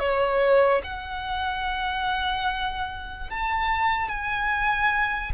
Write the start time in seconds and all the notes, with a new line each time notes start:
0.00 C#5
0.84 F#5
3.30 A5
4.09 G#5